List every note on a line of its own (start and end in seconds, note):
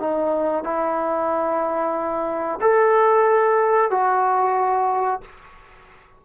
0.00 0.64 D#4
0.64 2.60 E4
2.61 3.90 A4
3.90 5.21 F#4